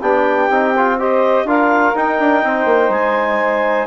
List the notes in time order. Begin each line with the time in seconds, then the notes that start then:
0.00 B3 D4 G4 G5
0.50 C4 D#4
0.77 F4
0.98 G4 C5 D#5
1.45 D4 F4 A#4 F5
1.95 D#4 G5
2.20 D4
2.44 C4 C5
2.66 A#3
2.90 G#3 G#5